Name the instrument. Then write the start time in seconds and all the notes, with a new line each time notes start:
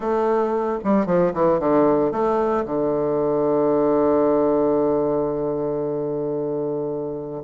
bassoon
0.00 A3
0.84 G3
1.05 F3
1.33 E3
1.59 D3
2.11 A3
2.65 D3